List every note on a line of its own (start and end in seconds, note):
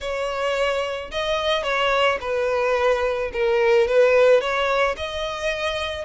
0.01 1.11 C#5
1.11 1.63 D#5
1.63 2.18 C#5
2.20 3.31 B4
3.33 3.87 A#4
3.87 4.40 B4
4.40 4.95 C#5
4.96 6.04 D#5